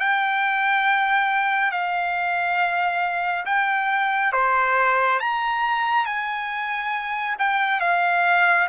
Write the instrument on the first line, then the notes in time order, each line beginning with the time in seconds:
trumpet
0.00 G5
1.72 F5
3.46 G5
4.33 C5
5.20 A#5
6.06 G#5
7.39 G5
7.81 F5